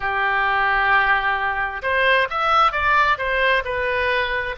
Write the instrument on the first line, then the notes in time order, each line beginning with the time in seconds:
oboe
0.00 G4
1.82 C5
2.30 E5
2.71 D5
3.17 C5
3.64 B4